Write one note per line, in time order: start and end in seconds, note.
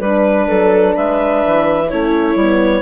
0.00 0.47 G3
0.00 1.88 D4
0.00 0.95 B4
0.00 0.48 B4
0.48 0.96 F#3
0.48 0.95 A4
0.95 1.44 G#3
0.95 1.89 B4
0.95 1.90 E5
1.46 1.92 E3
1.89 2.35 A3
1.89 2.37 C#4
1.89 2.82 E4
1.89 2.82 C#5
2.35 2.82 G3
2.41 2.82 B3